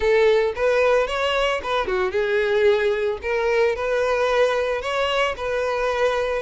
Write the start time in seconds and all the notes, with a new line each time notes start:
0.00 A4
0.55 B4
1.07 C#5
1.63 B4
1.87 F#4
2.11 G#4
3.21 A#4
3.75 B4
4.81 C#5
5.36 B4